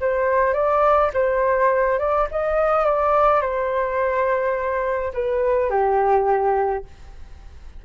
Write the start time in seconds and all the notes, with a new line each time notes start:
0.00 C5
0.53 D5
1.14 C5
1.99 D5
2.31 D#5
2.85 D5
3.41 C5
5.14 B4
5.70 G4